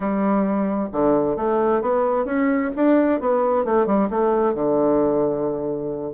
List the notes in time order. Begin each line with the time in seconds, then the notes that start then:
0.00 G3
0.92 D3
1.36 A3
1.81 B3
2.25 C#4
2.76 D4
3.20 B3
3.64 A3
3.86 G3
4.10 A3
4.54 D3